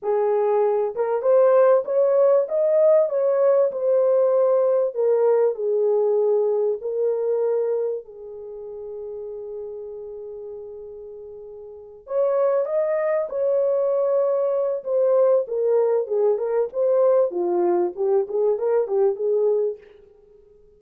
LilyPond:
\new Staff \with { instrumentName = "horn" } { \time 4/4 \tempo 4 = 97 gis'4. ais'8 c''4 cis''4 | dis''4 cis''4 c''2 | ais'4 gis'2 ais'4~ | ais'4 gis'2.~ |
gis'2.~ gis'8 cis''8~ | cis''8 dis''4 cis''2~ cis''8 | c''4 ais'4 gis'8 ais'8 c''4 | f'4 g'8 gis'8 ais'8 g'8 gis'4 | }